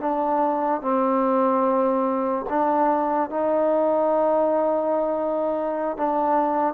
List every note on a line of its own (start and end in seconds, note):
0.00 0.82 D4
0.82 2.46 C4
2.50 3.30 D4
3.30 5.97 D#4
5.97 6.74 D4